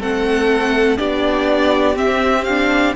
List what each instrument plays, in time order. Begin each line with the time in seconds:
0.00 cello A3, viola C4, violin A4 F#5
0.97 cello B3, viola D4, violin G4 D5
1.95 viola C4, cello C4, violin E5
2.44 viola D4, violin F5